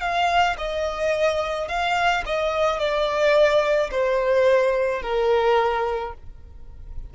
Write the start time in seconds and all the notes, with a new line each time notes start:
0.00 F5
0.57 D#5
1.68 F5
2.26 D#5
2.79 D5
3.90 C5
5.02 A#4